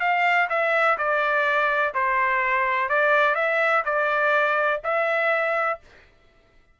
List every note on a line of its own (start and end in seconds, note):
0.00 0.48 F5
0.50 0.98 E5
0.98 1.94 D5
1.94 2.89 C5
2.89 3.35 D5
3.35 3.83 E5
3.85 4.81 D5
4.84 5.80 E5